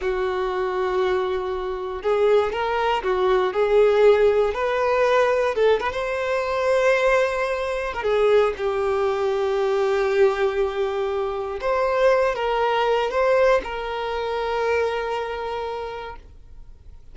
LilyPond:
\new Staff \with { instrumentName = "violin" } { \time 4/4 \tempo 4 = 119 fis'1 | gis'4 ais'4 fis'4 gis'4~ | gis'4 b'2 a'8 b'16 c''16~ | c''2.~ c''8. ais'16 |
gis'4 g'2.~ | g'2. c''4~ | c''8 ais'4. c''4 ais'4~ | ais'1 | }